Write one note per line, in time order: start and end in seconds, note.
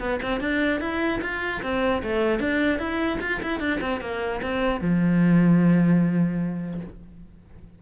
0.00 0.20 B3
0.23 0.41 C4
0.41 0.81 D4
0.81 1.21 E4
1.22 1.62 F4
1.63 2.03 C4
2.03 2.40 A3
2.40 2.79 D4
2.79 3.19 E4
3.21 3.41 F4
3.43 3.60 E4
3.60 3.80 D4
3.81 4.01 C4
4.01 4.41 A#3
4.42 4.81 C4
4.81 6.81 F3